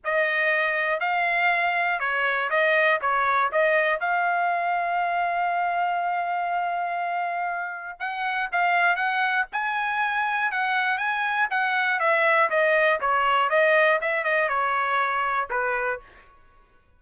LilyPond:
\new Staff \with { instrumentName = "trumpet" } { \time 4/4 \tempo 4 = 120 dis''2 f''2 | cis''4 dis''4 cis''4 dis''4 | f''1~ | f''1 |
fis''4 f''4 fis''4 gis''4~ | gis''4 fis''4 gis''4 fis''4 | e''4 dis''4 cis''4 dis''4 | e''8 dis''8 cis''2 b'4 | }